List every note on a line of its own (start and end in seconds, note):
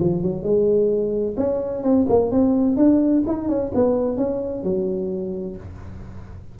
0.00 0.22 F3
0.22 0.43 F#3
0.43 1.36 G#3
1.37 1.83 C#4
1.83 2.06 C4
2.09 2.31 A#3
2.31 2.77 C4
2.77 3.23 D4
3.27 3.49 D#4
3.49 3.72 C#4
3.75 4.17 B3
4.17 4.64 C#4
4.64 5.57 F#3